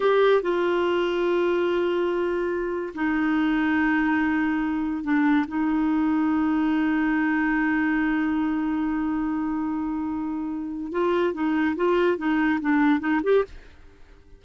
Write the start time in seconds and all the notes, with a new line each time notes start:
0.00 G4
0.42 F4
2.94 D#4
5.03 D4
5.47 D#4
10.92 F4
11.33 D#4
11.76 F4
12.17 D#4
12.60 D4
13.00 D#4
13.23 G4